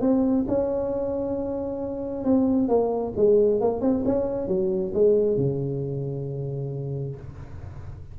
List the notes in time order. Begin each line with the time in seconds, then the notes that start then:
0.00 C4
0.48 C#4
2.24 C4
2.68 A#3
3.16 G#3
3.61 A#3
3.81 C4
4.05 C#4
4.47 F#3
4.94 G#3
5.36 C#3